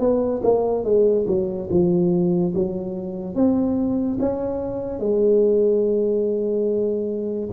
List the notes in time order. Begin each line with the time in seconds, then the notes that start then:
0.00 B3
0.43 A#3
0.84 G#3
1.27 F#3
1.70 F3
2.55 F#3
3.35 C4
4.20 C#4
5.00 G#3